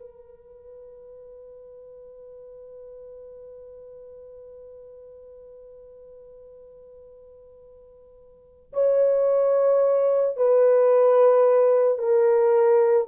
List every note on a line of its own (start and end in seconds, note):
0.00 8.73 B4
8.73 10.37 C#5
10.37 11.99 B4
11.99 13.08 A#4